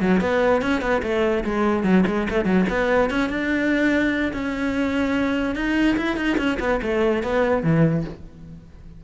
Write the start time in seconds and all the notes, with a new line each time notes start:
0.00 F#3
0.20 B3
0.61 C#4
0.81 B3
1.02 A3
1.44 G#3
1.83 F#3
2.06 G#3
2.30 A3
2.45 F#3
2.69 B3
3.10 C#4
3.29 D4
4.33 C#4
5.55 D#4
5.96 E4
6.16 D#4
6.37 C#4
6.60 B3
6.82 A3
7.23 B3
7.63 E3